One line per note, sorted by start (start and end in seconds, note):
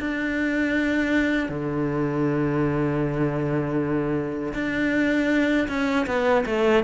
0.00 1.49 D4
1.49 4.53 D3
4.54 5.68 D4
5.69 6.07 C#4
6.07 6.45 B3
6.46 6.84 A3